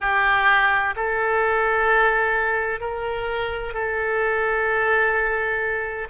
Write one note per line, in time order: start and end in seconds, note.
0.00 0.94 G4
0.95 2.80 A4
2.80 3.73 A#4
3.73 6.08 A4